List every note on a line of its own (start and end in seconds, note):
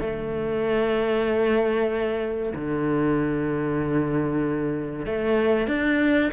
0.00 2.53 A3
2.55 5.06 D3
5.06 5.67 A3
5.67 6.30 D4